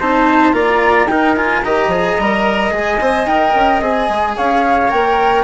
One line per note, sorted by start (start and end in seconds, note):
0.00 0.53 C4
0.00 0.53 D#4
0.00 0.55 C5
0.00 0.53 A5
0.53 1.07 A#3
0.53 1.08 F4
0.53 1.10 D5
0.53 1.07 A#5
1.07 1.62 D#4
1.07 1.36 D#4
1.07 1.65 A#4
1.07 1.35 G5
1.36 1.64 F4
1.36 1.62 G#5
1.62 1.87 D#3
1.62 1.92 G4
1.62 4.37 D#5
1.62 2.72 A#5
1.87 2.15 F3
1.87 2.19 G#4
2.19 2.72 G3
2.19 2.71 A#4
2.71 2.99 G#3
2.71 2.98 G#4
2.71 3.26 G#5
3.01 3.26 C4
3.01 3.28 C5
3.26 3.53 D#4
3.26 3.82 A#4
3.26 3.81 G5
3.55 3.81 C#4
3.81 4.08 C4
3.81 4.89 G#4
3.81 4.38 G#5
4.09 4.37 G#3
4.37 4.92 C#4
4.37 5.45 C#5
4.37 4.91 F5
4.89 5.45 A#3
4.89 5.43 A#4
4.89 5.45 G5